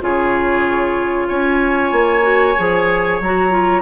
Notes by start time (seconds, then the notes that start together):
0.00 C#3 F4 G#4 C#5
1.27 C#4 C#5 G#5
1.92 A#3
2.22 F#4
2.57 F3 G#4
3.20 F#3 F#4 A#5
3.50 F4